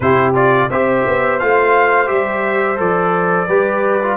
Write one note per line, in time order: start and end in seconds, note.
0.00 0.69 C3
0.00 0.34 E4
0.00 0.70 G4
0.00 0.32 C5
0.34 0.69 F4
0.34 0.70 D5
0.70 1.05 C4
0.70 1.40 G4
0.70 3.48 C5
0.70 1.39 E5
1.07 1.42 B3
1.39 2.11 A3
1.39 2.06 F4
1.39 2.08 F5
2.06 2.79 G3
2.06 2.76 G4
2.06 2.78 E5
2.76 3.48 F3
2.76 3.46 A4
2.76 4.17 D5
3.48 4.17 G3
3.48 4.01 G4
3.48 4.17 B4
4.02 4.17 F4